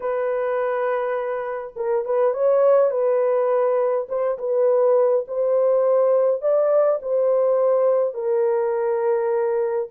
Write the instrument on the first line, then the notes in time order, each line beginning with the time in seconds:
horn
0.00 B4
1.76 A#4
2.05 B4
2.33 C#5
2.90 B4
4.08 C5
4.38 B4
5.27 C5
6.41 D5
7.02 C5
8.14 A#4